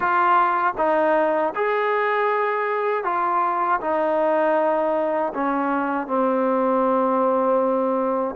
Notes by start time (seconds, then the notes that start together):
0.00 F4
0.77 D#4
1.55 G#4
3.03 F4
3.80 D#4
5.34 C#4
6.07 C4